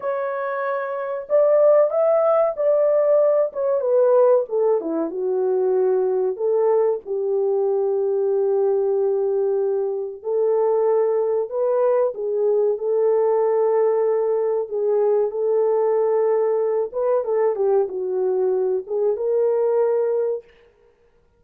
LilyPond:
\new Staff \with { instrumentName = "horn" } { \time 4/4 \tempo 4 = 94 cis''2 d''4 e''4 | d''4. cis''8 b'4 a'8 e'8 | fis'2 a'4 g'4~ | g'1 |
a'2 b'4 gis'4 | a'2. gis'4 | a'2~ a'8 b'8 a'8 g'8 | fis'4. gis'8 ais'2 | }